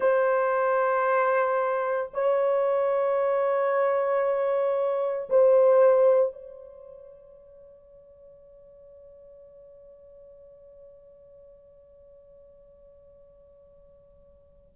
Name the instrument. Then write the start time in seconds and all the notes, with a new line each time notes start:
horn
0.00 C5
2.13 C#5
5.29 C5
6.32 C#5